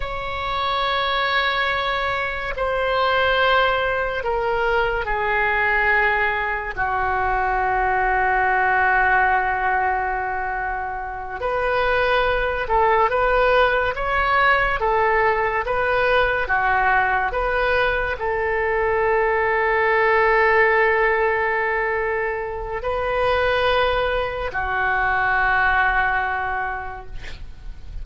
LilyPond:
\new Staff \with { instrumentName = "oboe" } { \time 4/4 \tempo 4 = 71 cis''2. c''4~ | c''4 ais'4 gis'2 | fis'1~ | fis'4. b'4. a'8 b'8~ |
b'8 cis''4 a'4 b'4 fis'8~ | fis'8 b'4 a'2~ a'8~ | a'2. b'4~ | b'4 fis'2. | }